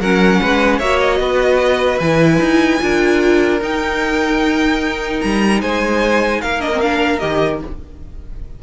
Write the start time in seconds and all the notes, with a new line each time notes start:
0.00 F#3 C#4 A#4 F#5
0.40 G#3 B4
0.78 A#3 F#4 C#5 E5
1.00 D#5
1.19 B3 B4
2.00 E3 E4 G#5
2.39 D#4
2.80 D4 F4 A#4
3.61 D#4 G5
5.20 G3 A#5
5.61 G#3 C5 G#5
6.41 A#3 A#4 F5
6.60 D4 D#5
6.73 C4
6.80 D4 F5
7.19 D#3 G4 D#5